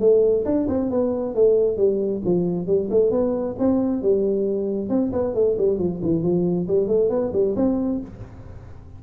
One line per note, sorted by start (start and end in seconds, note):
0.00 0.44 A3
0.45 0.67 D4
0.68 0.91 C4
0.91 1.35 B3
1.35 1.77 A3
1.77 2.22 G3
2.25 2.67 F3
2.67 2.89 G3
2.91 3.11 A3
3.11 3.56 B3
3.59 4.02 C4
4.02 4.89 G3
4.89 5.12 C4
5.13 5.35 B3
5.35 5.57 A3
5.58 5.79 G3
5.79 6.01 F3
6.03 6.23 E3
6.23 6.67 F3
6.68 6.88 G3
6.88 7.10 A3
7.10 7.32 B3
7.33 7.55 G3
7.56 8.01 C4